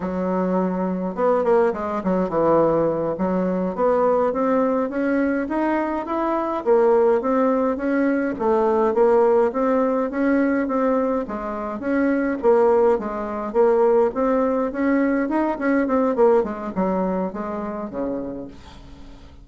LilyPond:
\new Staff \with { instrumentName = "bassoon" } { \time 4/4 \tempo 4 = 104 fis2 b8 ais8 gis8 fis8 | e4. fis4 b4 c'8~ | c'8 cis'4 dis'4 e'4 ais8~ | ais8 c'4 cis'4 a4 ais8~ |
ais8 c'4 cis'4 c'4 gis8~ | gis8 cis'4 ais4 gis4 ais8~ | ais8 c'4 cis'4 dis'8 cis'8 c'8 | ais8 gis8 fis4 gis4 cis4 | }